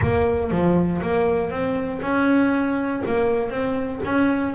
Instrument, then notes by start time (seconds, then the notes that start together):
double bass
0.01 A#3
0.50 F3
1.02 A#3
1.50 C4
2.01 C#4
3.06 A#3
3.50 C4
4.05 C#4